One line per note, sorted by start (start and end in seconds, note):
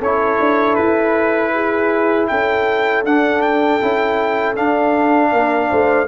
0.00 0.39 C#4
0.00 3.07 E4
0.00 1.52 A4
0.00 0.75 C#5
0.40 0.78 D4
0.75 2.31 E4
0.75 2.27 B4
1.54 2.30 G#4
2.28 3.04 C#4
2.28 5.32 A4
2.28 3.04 G5
3.04 3.80 D4
3.04 3.81 D4
3.04 3.42 F#5
3.42 4.56 G5
3.81 4.58 C#4
3.81 4.56 E4
4.56 6.08 D4
4.56 5.34 D4
4.56 6.08 F5
5.32 5.72 A#3
5.32 5.70 A#4
5.70 6.08 A3
5.70 6.08 C5